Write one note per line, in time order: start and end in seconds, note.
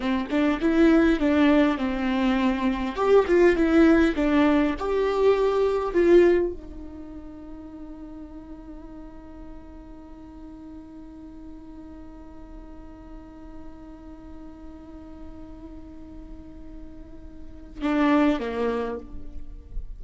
0.00 0.27 C4
0.30 0.60 D4
0.60 1.19 E4
1.19 1.77 D4
1.77 2.95 C4
2.95 3.25 G4
3.27 3.56 F4
3.56 4.15 E4
4.15 4.75 D4
4.78 5.93 G4
5.93 6.52 F4
6.52 17.81 D#4
17.81 18.39 D4
18.39 18.99 A#3